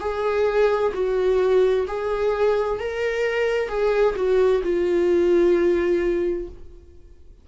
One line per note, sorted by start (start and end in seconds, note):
0.00 0.92 G#4
0.94 1.86 F#4
1.87 2.79 G#4
2.79 3.68 A#4
3.68 4.15 G#4
4.15 4.62 F#4
4.63 6.48 F4